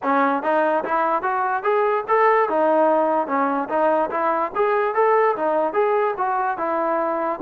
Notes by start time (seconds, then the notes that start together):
0.02 C#4
0.43 D#4
0.84 E4
1.22 F#4
1.63 G#4
2.08 A4
2.49 D#4
3.27 C#4
3.69 D#4
4.10 E4
4.55 G#4
4.94 A4
5.36 D#4
5.73 G#4
6.17 F#4
6.57 E4